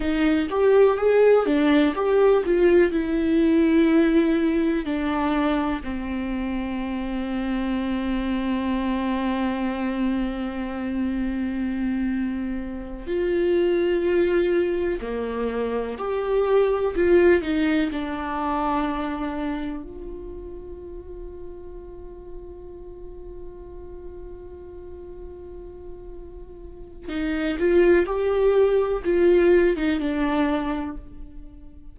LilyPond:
\new Staff \with { instrumentName = "viola" } { \time 4/4 \tempo 4 = 62 dis'8 g'8 gis'8 d'8 g'8 f'8 e'4~ | e'4 d'4 c'2~ | c'1~ | c'4. f'2 ais8~ |
ais8 g'4 f'8 dis'8 d'4.~ | d'8 f'2.~ f'8~ | f'1 | dis'8 f'8 g'4 f'8. dis'16 d'4 | }